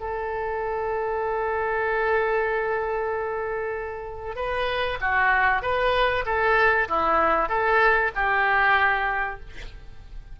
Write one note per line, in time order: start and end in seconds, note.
0.00 4.36 A4
4.36 4.98 B4
5.01 5.62 F#4
5.62 6.24 B4
6.26 6.88 A4
6.88 7.49 E4
7.49 8.11 A4
8.15 9.40 G4